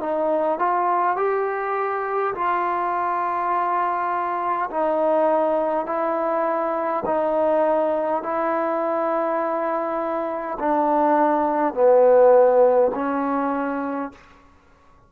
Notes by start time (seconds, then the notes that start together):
0.00 D#4
0.59 F4
1.17 G4
2.35 F4
4.71 D#4
5.86 E4
7.06 D#4
8.23 E4
10.59 D4
11.74 B3
12.95 C#4